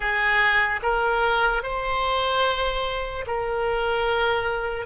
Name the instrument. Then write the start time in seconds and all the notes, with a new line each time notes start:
oboe
0.00 G#4
0.82 A#4
1.63 C5
3.27 A#4